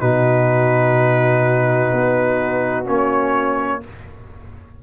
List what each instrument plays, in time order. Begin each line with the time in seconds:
0.00 tuba B2, trombone D#4, horn F#4, trumpet B4
1.93 tuba B3
2.86 tuba A#3, trombone C#4, trumpet C#5